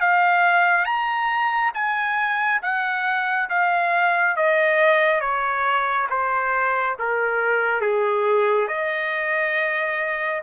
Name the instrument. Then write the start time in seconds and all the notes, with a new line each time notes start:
trumpet
0.00 F5
0.85 A#5
1.74 G#5
2.62 F#5
3.49 F5
4.36 D#5
5.21 C#5
6.10 C5
6.99 A#4
7.81 G#4
8.68 D#5